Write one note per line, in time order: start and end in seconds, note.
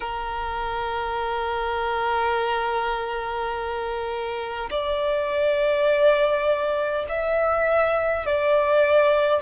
0.00 4.69 A#4
4.70 7.05 D5
7.09 8.26 E5
8.26 9.42 D5